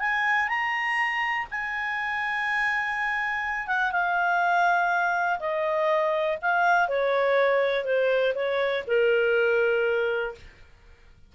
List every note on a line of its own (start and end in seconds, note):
0.00 0.49 G#5
0.49 1.47 A#5
1.51 3.67 G#5
3.67 3.92 F#5
3.92 5.39 F5
5.40 6.38 D#5
6.42 6.89 F5
6.89 7.85 C#5
7.85 8.34 C5
8.35 8.84 C#5
8.87 10.35 A#4